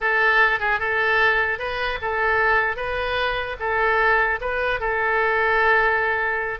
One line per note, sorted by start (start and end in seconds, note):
0.00 0.59 A4
0.59 0.79 G#4
0.79 1.58 A4
1.58 1.98 B4
2.01 2.76 A4
2.76 3.56 B4
3.59 4.39 A4
4.40 4.79 B4
4.79 6.59 A4